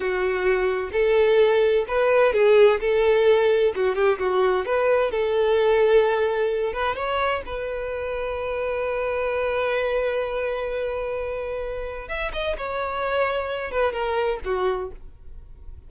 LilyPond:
\new Staff \with { instrumentName = "violin" } { \time 4/4 \tempo 4 = 129 fis'2 a'2 | b'4 gis'4 a'2 | fis'8 g'8 fis'4 b'4 a'4~ | a'2~ a'8 b'8 cis''4 |
b'1~ | b'1~ | b'2 e''8 dis''8 cis''4~ | cis''4. b'8 ais'4 fis'4 | }